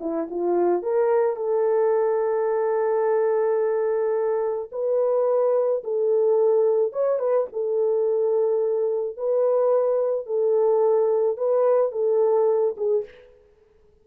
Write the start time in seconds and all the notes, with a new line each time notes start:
0.00 E4
0.30 F4
0.82 A#4
1.36 A4
4.71 B4
5.83 A4
6.92 C#5
7.19 B4
7.52 A4
9.17 B4
10.26 A4
11.37 B4
11.91 A4
12.77 G#4